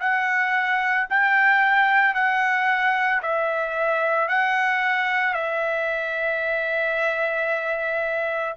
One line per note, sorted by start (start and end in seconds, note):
0.00 1.07 F#5
1.09 2.14 G5
2.14 3.21 F#5
3.22 4.28 E5
4.28 5.33 F#5
5.33 8.55 E5